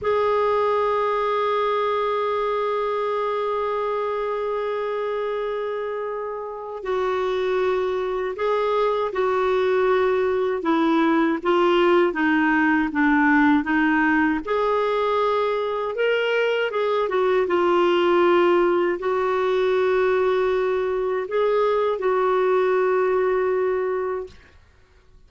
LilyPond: \new Staff \with { instrumentName = "clarinet" } { \time 4/4 \tempo 4 = 79 gis'1~ | gis'1~ | gis'4 fis'2 gis'4 | fis'2 e'4 f'4 |
dis'4 d'4 dis'4 gis'4~ | gis'4 ais'4 gis'8 fis'8 f'4~ | f'4 fis'2. | gis'4 fis'2. | }